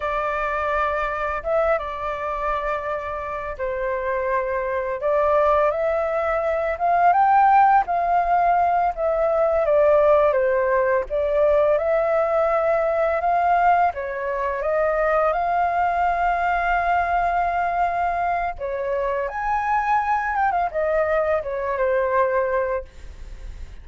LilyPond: \new Staff \with { instrumentName = "flute" } { \time 4/4 \tempo 4 = 84 d''2 e''8 d''4.~ | d''4 c''2 d''4 | e''4. f''8 g''4 f''4~ | f''8 e''4 d''4 c''4 d''8~ |
d''8 e''2 f''4 cis''8~ | cis''8 dis''4 f''2~ f''8~ | f''2 cis''4 gis''4~ | gis''8 g''16 f''16 dis''4 cis''8 c''4. | }